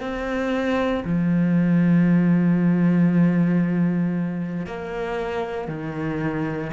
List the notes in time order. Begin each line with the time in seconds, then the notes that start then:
0.00 C4
1.04 F3
4.66 A#3
5.68 D#3